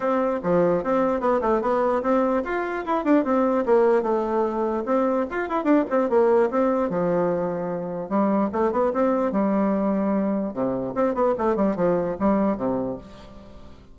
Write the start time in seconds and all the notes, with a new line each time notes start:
0.00 C4
0.43 F3
0.83 C4
1.20 B3
1.41 A3
1.61 B3
2.02 C4
2.44 F4
2.85 E4
3.04 D4
3.24 C4
3.65 A#3
4.02 A3
4.85 C4
5.30 F4
5.48 E4
5.64 D4
5.90 C4
6.09 A#3
6.50 C4
6.89 F3
8.09 G3
8.52 A3
8.72 B3
8.93 C4
9.32 G3
10.53 C3
10.94 C4
11.14 B3
11.38 A3
11.55 G3
11.76 F3
12.19 G3
12.57 C3